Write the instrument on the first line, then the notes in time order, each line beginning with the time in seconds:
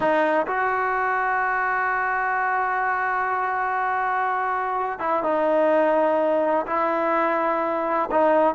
trombone
0.00 D#4
0.47 F#4
4.99 E4
5.23 D#4
6.66 E4
8.11 D#4